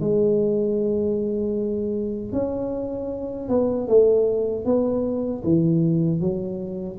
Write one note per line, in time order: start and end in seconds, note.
0.00 2.32 G#3
2.32 3.49 C#4
3.49 3.87 B3
3.87 4.65 A3
4.65 5.43 B3
5.43 6.20 E3
6.20 6.98 F#3